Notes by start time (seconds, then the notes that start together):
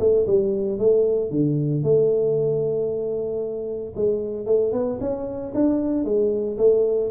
0.00 A3
0.27 G3
0.79 A3
1.31 D3
1.83 A3
3.96 G#3
4.46 A3
4.73 B3
5.00 C#4
5.55 D4
6.05 G#3
6.58 A3